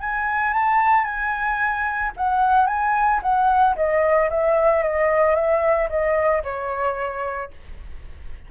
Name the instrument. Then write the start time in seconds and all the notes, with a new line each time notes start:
flute
0.00 G#5
0.53 A5
1.04 G#5
2.16 F#5
2.66 G#5
3.22 F#5
3.76 D#5
4.30 E5
4.82 D#5
5.35 E5
5.89 D#5
6.43 C#5